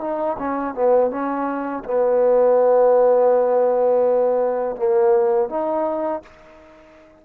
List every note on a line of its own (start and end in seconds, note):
0.00 0.37 D#4
0.38 0.74 C#4
0.74 1.10 B3
1.10 1.83 C#4
1.84 4.76 B3
4.76 5.49 A#3
5.49 6.22 D#4